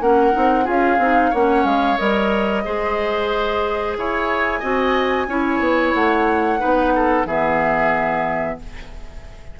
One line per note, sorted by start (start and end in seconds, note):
0.00 0.33 A#3
0.00 0.32 C#4
0.00 0.64 A#4
0.00 0.67 F#5
0.32 0.67 C4
0.32 0.64 D#4
0.64 0.98 C#4
0.64 0.97 F4
0.64 1.30 G#4
0.64 1.34 F5
0.98 1.31 C4
0.98 1.33 D#4
1.30 1.64 A#3
1.30 1.98 C#4
1.30 2.62 C#5
1.30 1.65 F#5
1.64 1.97 G#3
1.64 1.97 F5
1.97 2.66 G3
1.97 2.64 A#4
1.97 3.95 D#5
2.64 3.97 G#3
2.64 4.62 G#4
2.64 3.97 C5
3.97 4.62 E4
3.97 4.59 C#5
3.97 5.94 G#5
4.59 5.27 C4
4.59 5.28 F#4
4.59 5.25 D#5
5.27 5.59 C#4
5.27 6.59 E4
5.27 6.59 C#5
5.59 5.92 B3
5.94 6.60 A3
5.94 7.26 F#5
6.59 7.25 B3
6.59 7.24 D#4
6.59 6.92 B4
6.95 7.27 A4
7.25 8.57 E3
7.25 8.59 B3
7.25 8.58 G#4
7.25 8.59 E5